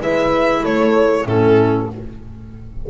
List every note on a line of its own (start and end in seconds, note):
0.00 0.62 G#3
0.00 1.25 E4
0.00 0.61 B4
0.00 0.64 E5
0.61 1.25 A3
0.61 1.23 A4
0.61 1.27 C#5
1.25 1.87 A2
1.25 1.88 C#4
1.25 1.88 E4
1.25 1.90 A4